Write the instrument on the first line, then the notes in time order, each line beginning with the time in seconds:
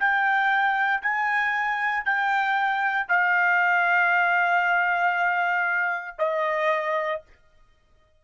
trumpet
0.00 G5
1.02 G#5
2.05 G5
3.08 F5
6.18 D#5